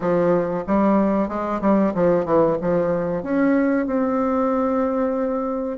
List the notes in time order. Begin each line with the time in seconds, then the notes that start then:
0.00 F3
0.66 G3
1.28 G#3
1.61 G3
1.94 F3
2.25 E3
2.61 F3
3.23 C#4
3.86 C4